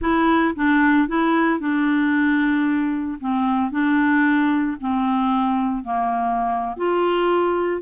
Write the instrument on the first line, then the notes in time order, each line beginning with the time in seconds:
clarinet
0.01 E4
0.55 D4
1.08 E4
1.59 D4
3.20 C4
3.71 D4
4.80 C4
5.84 A#3
6.77 F4